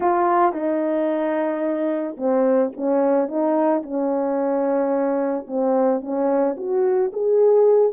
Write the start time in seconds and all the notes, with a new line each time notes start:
0.00 F4
0.52 D#4
2.17 C4
2.76 C#4
3.28 D#4
3.83 C#4
5.47 C4
6.01 C#4
6.57 F#4
7.12 G#4